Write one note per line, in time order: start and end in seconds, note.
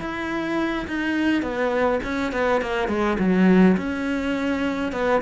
0.00 0.87 E4
0.87 1.42 D#4
1.42 2.00 B3
2.03 2.32 C#4
2.32 2.61 B3
2.61 2.88 A#3
2.88 3.17 G#3
3.19 3.76 F#3
3.77 4.92 C#4
4.92 5.21 B3